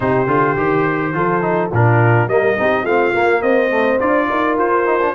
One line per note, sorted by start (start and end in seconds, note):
0.00 0.26 C3
0.00 0.26 D#4
0.00 1.15 G4
0.00 1.71 C5
0.26 0.55 D3
0.26 0.56 F4
0.57 1.13 D#3
0.57 1.14 G4
1.13 1.70 F3
1.13 1.41 F4
1.13 1.71 A4
1.41 1.70 D#4
1.71 2.26 A#2
1.71 2.29 D4
1.71 2.28 F4
1.71 2.28 A#4
2.26 2.55 G3
2.26 2.57 A#3
2.26 2.58 A#4
2.26 2.85 D#5
2.57 2.84 C4
2.57 2.86 D#4
2.57 2.83 G4
2.83 3.12 A3
2.83 3.13 C4
2.83 3.40 F4
2.83 3.42 F5
3.13 3.70 A#3
3.13 3.42 A#3
3.42 3.99 C4
3.42 4.28 C5
3.42 3.99 D#5
3.70 3.98 A3
4.00 4.29 D4
4.00 4.85 F4
4.00 4.57 D5
4.29 4.58 D#4
4.29 5.15 A#4
4.58 5.15 F4
4.58 5.15 C5
4.85 5.00 D#4
5.01 5.15 D4